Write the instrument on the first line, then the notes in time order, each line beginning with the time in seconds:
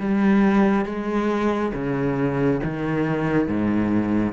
cello
0.00 G3
0.86 G#3
1.74 C#3
2.64 D#3
3.48 G#2